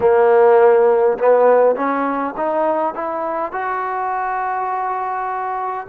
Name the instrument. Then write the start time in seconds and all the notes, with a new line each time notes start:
trombone
0.00 A#3
1.18 B3
1.75 C#4
2.36 D#4
2.94 E4
3.51 F#4